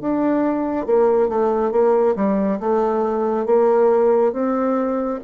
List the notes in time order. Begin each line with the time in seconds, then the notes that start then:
0.00 D4
0.86 A#3
1.28 A3
1.71 A#3
2.15 G3
2.59 A3
3.45 A#3
4.32 C4